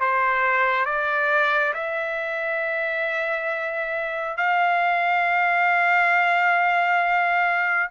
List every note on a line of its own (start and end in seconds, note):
0.00 0.85 C5
0.85 1.73 D5
1.74 4.36 E5
4.36 7.89 F5